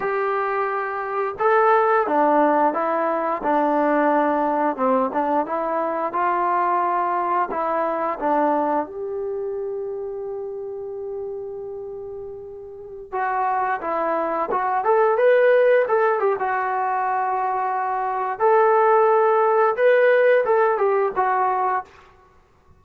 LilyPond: \new Staff \with { instrumentName = "trombone" } { \time 4/4 \tempo 4 = 88 g'2 a'4 d'4 | e'4 d'2 c'8 d'8 | e'4 f'2 e'4 | d'4 g'2.~ |
g'2.~ g'16 fis'8.~ | fis'16 e'4 fis'8 a'8 b'4 a'8 g'16 | fis'2. a'4~ | a'4 b'4 a'8 g'8 fis'4 | }